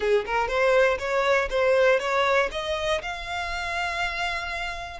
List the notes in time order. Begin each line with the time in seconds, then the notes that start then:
0.00 G#4
0.26 A#4
0.47 C5
0.99 C#5
1.50 C5
1.99 C#5
2.51 D#5
3.02 F5